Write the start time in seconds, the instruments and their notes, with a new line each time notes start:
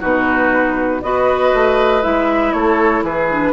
0.00 bassoon B2, clarinet D#4, oboe F#4, flute B4
1.02 bassoon B3, clarinet F#4, oboe B4, flute D#5
1.53 bassoon A3
2.02 bassoon G#3, clarinet E4, flute E5
2.53 bassoon A3, oboe A4, flute C#5
3.03 bassoon E3, oboe G#4, flute B4
3.31 clarinet D4